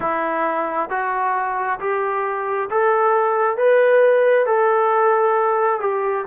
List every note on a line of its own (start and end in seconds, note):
0.00 0.90 E4
0.90 1.79 F#4
1.79 2.69 G4
2.70 3.57 A4
3.57 4.45 B4
4.45 5.80 A4
5.80 6.24 G4